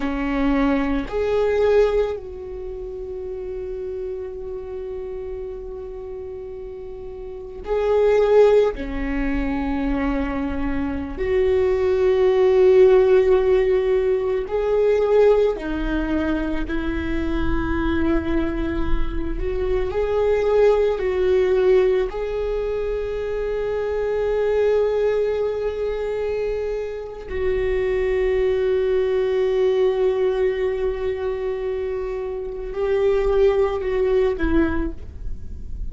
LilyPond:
\new Staff \with { instrumentName = "viola" } { \time 4/4 \tempo 4 = 55 cis'4 gis'4 fis'2~ | fis'2. gis'4 | cis'2~ cis'16 fis'4.~ fis'16~ | fis'4~ fis'16 gis'4 dis'4 e'8.~ |
e'4.~ e'16 fis'8 gis'4 fis'8.~ | fis'16 gis'2.~ gis'8.~ | gis'4 fis'2.~ | fis'2 g'4 fis'8 e'8 | }